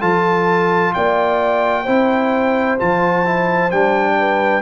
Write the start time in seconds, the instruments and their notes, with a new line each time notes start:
0.00 tuba F3, trombone F4, horn A4, trumpet A5
0.94 tuba A#3, horn D5, trumpet G5
1.83 tuba C4, trombone E4, horn C5
2.79 tuba F3, trombone F4, trumpet A5
3.25 trombone E4
3.71 tuba G3, trombone D4, trumpet G5
4.18 horn B4